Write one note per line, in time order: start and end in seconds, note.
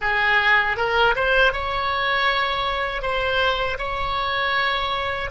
0.01 0.77 G#4
0.77 1.15 A#4
1.15 1.53 C5
1.53 3.01 C#5
3.01 3.77 C5
3.78 5.30 C#5